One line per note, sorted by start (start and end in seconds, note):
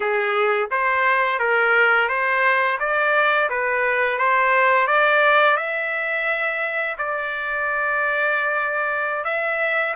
0.00 0.69 G#4
0.70 1.39 C5
1.39 2.08 A#4
2.08 2.78 C5
2.79 3.49 D5
3.49 4.18 B4
4.18 4.87 C5
4.87 5.57 D5
5.57 6.96 E5
6.98 9.24 D5
9.24 9.94 E5